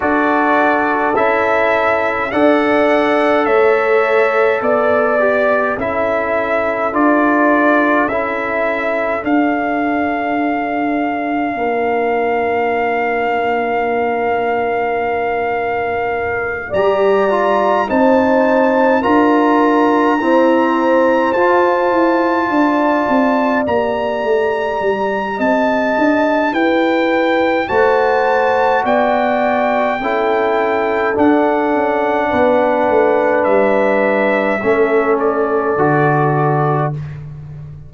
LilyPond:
<<
  \new Staff \with { instrumentName = "trumpet" } { \time 4/4 \tempo 4 = 52 d''4 e''4 fis''4 e''4 | d''4 e''4 d''4 e''4 | f''1~ | f''2~ f''8 ais''4 a''8~ |
a''8 ais''2 a''4.~ | a''8 ais''4. a''4 g''4 | a''4 g''2 fis''4~ | fis''4 e''4. d''4. | }
  \new Staff \with { instrumentName = "horn" } { \time 4/4 a'2 d''4 cis''4 | d''4 a'2.~ | a'2 ais'2~ | ais'2~ ais'8 d''4 c''8~ |
c''8 ais'4 c''2 d''8~ | d''2 dis''4 b'4 | c''4 d''4 a'2 | b'2 a'2 | }
  \new Staff \with { instrumentName = "trombone" } { \time 4/4 fis'4 e'4 a'2~ | a'8 g'8 e'4 f'4 e'4 | d'1~ | d'2~ d'8 g'8 f'8 dis'8~ |
dis'8 f'4 c'4 f'4.~ | f'8 g'2.~ g'8 | fis'2 e'4 d'4~ | d'2 cis'4 fis'4 | }
  \new Staff \with { instrumentName = "tuba" } { \time 4/4 d'4 cis'4 d'4 a4 | b4 cis'4 d'4 cis'4 | d'2 ais2~ | ais2~ ais8 g4 c'8~ |
c'8 d'4 e'4 f'8 e'8 d'8 | c'8 ais8 a8 g8 c'8 d'8 e'4 | a4 b4 cis'4 d'8 cis'8 | b8 a8 g4 a4 d4 | }
>>